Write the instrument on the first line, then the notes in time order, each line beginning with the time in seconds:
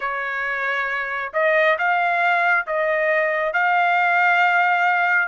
trumpet
0.00 C#5
1.33 D#5
1.78 F5
2.67 D#5
3.53 F5